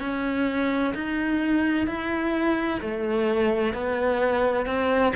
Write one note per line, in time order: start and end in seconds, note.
0.00 0.94 C#4
0.95 1.87 D#4
1.87 2.81 E4
2.81 3.74 A3
3.74 4.66 B3
4.66 5.13 C4